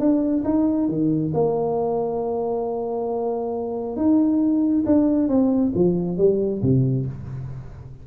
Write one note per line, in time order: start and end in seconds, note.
0.00 0.44 D4
0.45 0.89 D#4
0.89 1.33 D#3
1.35 3.97 A#3
3.97 4.85 D#4
4.86 5.29 D4
5.29 5.73 C4
5.76 6.18 F3
6.18 6.62 G3
6.63 7.07 C3